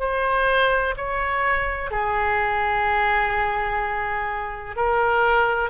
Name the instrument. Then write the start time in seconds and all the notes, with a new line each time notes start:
oboe
0.00 C5
0.97 C#5
1.91 G#4
4.76 A#4